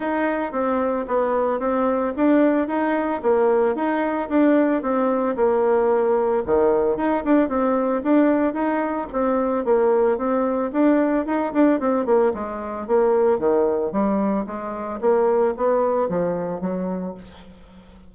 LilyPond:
\new Staff \with { instrumentName = "bassoon" } { \time 4/4 \tempo 4 = 112 dis'4 c'4 b4 c'4 | d'4 dis'4 ais4 dis'4 | d'4 c'4 ais2 | dis4 dis'8 d'8 c'4 d'4 |
dis'4 c'4 ais4 c'4 | d'4 dis'8 d'8 c'8 ais8 gis4 | ais4 dis4 g4 gis4 | ais4 b4 f4 fis4 | }